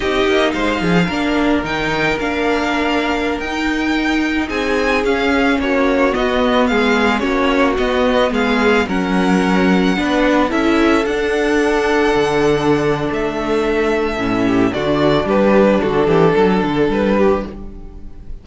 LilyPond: <<
  \new Staff \with { instrumentName = "violin" } { \time 4/4 \tempo 4 = 110 dis''4 f''2 g''4 | f''2~ f''16 g''4.~ g''16~ | g''16 gis''4 f''4 cis''4 dis''8.~ | dis''16 f''4 cis''4 dis''4 f''8.~ |
f''16 fis''2. e''8.~ | e''16 fis''2.~ fis''8. | e''2. d''4 | b'4 a'2 b'4 | }
  \new Staff \with { instrumentName = "violin" } { \time 4/4 g'4 c''8 gis'8 ais'2~ | ais'1~ | ais'16 gis'2 fis'4.~ fis'16~ | fis'16 gis'4 fis'2 gis'8.~ |
gis'16 ais'2 b'4 a'8.~ | a'1~ | a'2~ a'8 g'8 fis'4 | g'4 fis'8 g'8 a'4. g'8 | }
  \new Staff \with { instrumentName = "viola" } { \time 4/4 dis'2 d'4 dis'4 | d'2~ d'16 dis'4.~ dis'16~ | dis'4~ dis'16 cis'2 b8.~ | b4~ b16 cis'4 b4.~ b16~ |
b16 cis'2 d'4 e'8.~ | e'16 d'2.~ d'8.~ | d'2 cis'4 d'4~ | d'1 | }
  \new Staff \with { instrumentName = "cello" } { \time 4/4 c'8 ais8 gis8 f8 ais4 dis4 | ais2~ ais16 dis'4.~ dis'16~ | dis'16 c'4 cis'4 ais4 b8.~ | b16 gis4 ais4 b4 gis8.~ |
gis16 fis2 b4 cis'8.~ | cis'16 d'2 d4.~ d16 | a2 a,4 d4 | g4 d8 e8 fis8 d8 g4 | }
>>